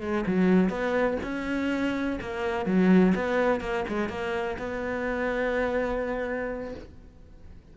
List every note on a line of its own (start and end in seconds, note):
0.00 0.24 G#3
0.26 0.69 F#3
0.69 1.17 B3
1.23 2.19 C#4
2.21 2.66 A#3
2.66 3.14 F#3
3.15 3.60 B3
3.60 3.84 A#3
3.88 4.09 G#3
4.09 4.57 A#3
4.58 6.74 B3